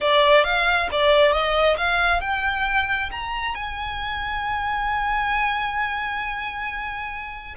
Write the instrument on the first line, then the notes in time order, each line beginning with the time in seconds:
violin
0.00 D5
0.44 F5
0.91 D5
1.32 D#5
1.77 F5
2.21 G5
3.11 A#5
3.54 G#5